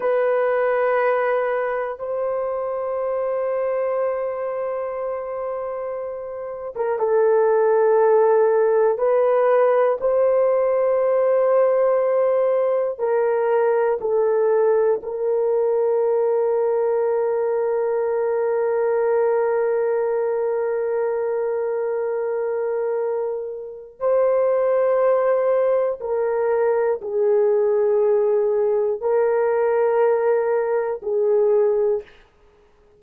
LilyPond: \new Staff \with { instrumentName = "horn" } { \time 4/4 \tempo 4 = 60 b'2 c''2~ | c''2~ c''8. ais'16 a'4~ | a'4 b'4 c''2~ | c''4 ais'4 a'4 ais'4~ |
ais'1~ | ais'1 | c''2 ais'4 gis'4~ | gis'4 ais'2 gis'4 | }